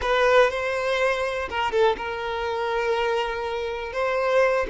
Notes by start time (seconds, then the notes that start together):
0.01 B4
0.50 C5
1.49 A#4
1.71 A4
1.97 A#4
3.92 C5